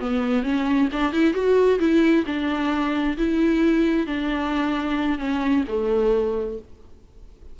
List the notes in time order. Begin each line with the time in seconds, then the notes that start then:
0.00 B3
0.43 C#4
0.92 D4
1.12 E4
1.34 F#4
1.79 E4
2.26 D4
3.17 E4
4.07 D4
5.18 C#4
5.68 A3